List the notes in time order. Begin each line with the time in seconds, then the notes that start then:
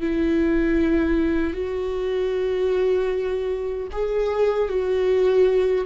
0.00 E4
1.54 F#4
3.92 G#4
4.69 F#4